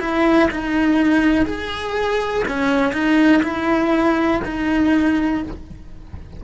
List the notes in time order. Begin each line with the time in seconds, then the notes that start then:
0.00 E4
0.51 D#4
1.45 G#4
2.48 C#4
2.92 D#4
3.43 E4
4.45 D#4